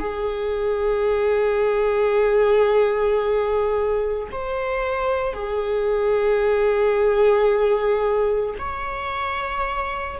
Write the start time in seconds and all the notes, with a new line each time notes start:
0.00 G#4
4.32 C5
5.34 G#4
8.59 C#5